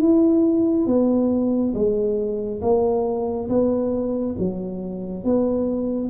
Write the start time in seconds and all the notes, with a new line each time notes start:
0.00 E4
0.86 B3
1.74 G#3
2.61 A#3
3.49 B3
4.38 F#3
5.24 B3